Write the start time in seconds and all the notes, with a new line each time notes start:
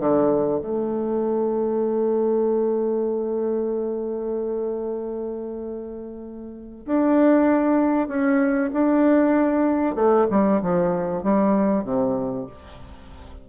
0.00 D3
0.61 A3
6.86 D4
8.08 C#4
8.74 D4
9.95 A3
10.30 G3
10.62 F3
11.23 G3
11.84 C3